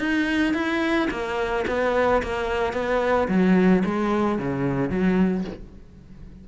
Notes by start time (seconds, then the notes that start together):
0.00 D#4
0.54 E4
1.11 A#3
1.68 B3
2.23 A#3
2.73 B3
3.29 F#3
3.85 G#3
4.39 C#3
4.90 F#3